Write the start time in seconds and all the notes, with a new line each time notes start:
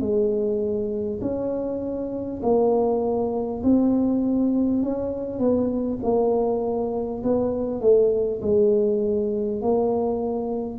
0.00 G#3
1.22 C#4
2.43 A#3
3.64 C4
4.83 C#4
5.39 B3
6.03 A#3
7.24 B3
7.81 A3
8.42 G#3
9.62 A#3